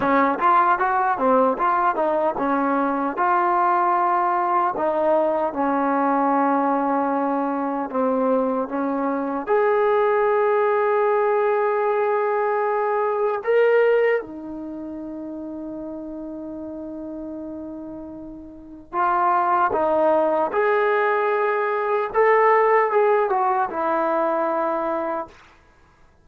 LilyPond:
\new Staff \with { instrumentName = "trombone" } { \time 4/4 \tempo 4 = 76 cis'8 f'8 fis'8 c'8 f'8 dis'8 cis'4 | f'2 dis'4 cis'4~ | cis'2 c'4 cis'4 | gis'1~ |
gis'4 ais'4 dis'2~ | dis'1 | f'4 dis'4 gis'2 | a'4 gis'8 fis'8 e'2 | }